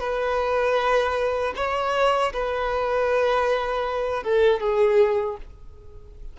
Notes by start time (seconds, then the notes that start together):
0.00 B4
1.56 C#5
2.33 B4
4.24 A4
4.60 G#4